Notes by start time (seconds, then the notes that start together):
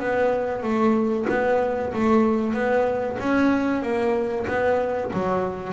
0.00 B3
0.63 A3
1.30 B3
1.94 A3
2.54 B3
3.19 C#4
3.83 A#3
4.48 B3
5.14 F#3